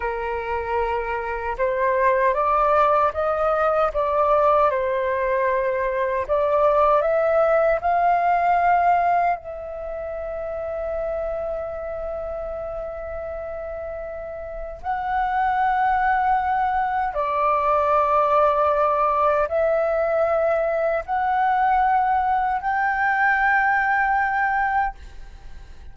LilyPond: \new Staff \with { instrumentName = "flute" } { \time 4/4 \tempo 4 = 77 ais'2 c''4 d''4 | dis''4 d''4 c''2 | d''4 e''4 f''2 | e''1~ |
e''2. fis''4~ | fis''2 d''2~ | d''4 e''2 fis''4~ | fis''4 g''2. | }